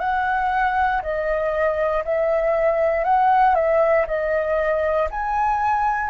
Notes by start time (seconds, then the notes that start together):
0.00 F#5
1.02 D#5
2.05 E5
3.04 F#5
3.55 E5
4.07 D#5
5.11 G#5